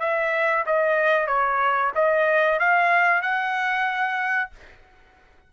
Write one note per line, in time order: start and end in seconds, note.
0.00 0.65 E5
0.66 1.27 D#5
1.27 1.92 C#5
1.95 2.60 D#5
2.60 3.22 F5
3.22 4.51 F#5